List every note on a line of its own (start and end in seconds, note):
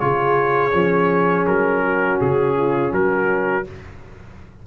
0.00 0.74 C#3
0.00 0.72 F4
0.00 1.84 G#4
0.00 1.46 C#5
0.72 1.47 F3
0.72 3.64 C#4
1.47 2.20 F#3
1.47 2.20 A#4
1.84 2.57 F#4
2.21 2.92 C#3
2.21 2.94 G#4
2.57 2.93 F4
2.92 3.65 F#3
2.92 3.66 F#4
2.92 3.67 A#4